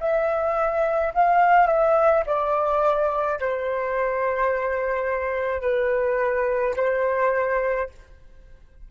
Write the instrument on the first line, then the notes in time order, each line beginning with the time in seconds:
flute
0.00 E5
1.14 F5
1.67 E5
2.26 D5
3.40 C5
5.61 B4
6.76 C5